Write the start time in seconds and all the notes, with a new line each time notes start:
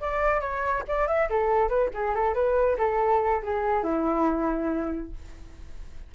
0.00 D5
0.40 C#5
0.88 D5
1.07 E5
1.30 A4
1.68 B4
1.93 G#4
2.15 A4
2.34 B4
2.77 A4
3.42 G#4
3.83 E4